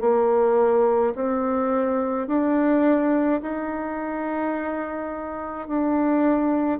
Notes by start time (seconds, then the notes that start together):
0.00 A#3
1.15 C4
2.27 D4
3.42 D#4
5.68 D4